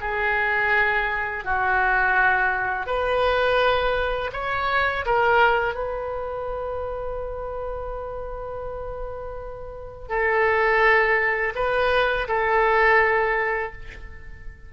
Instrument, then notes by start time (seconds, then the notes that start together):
oboe
0.00 G#4
1.44 F#4
2.86 B4
4.33 C#5
5.05 A#4
5.75 B4
10.09 A4
11.55 B4
12.28 A4